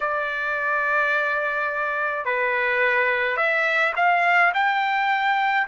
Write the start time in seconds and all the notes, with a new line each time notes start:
0.00 D5
2.25 B4
3.37 E5
3.96 F5
4.53 G5